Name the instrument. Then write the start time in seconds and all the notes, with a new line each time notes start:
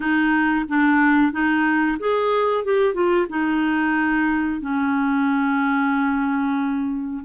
clarinet
0.00 D#4
0.68 D4
1.32 D#4
1.99 G#4
2.64 G4
2.93 F4
3.29 D#4
4.60 C#4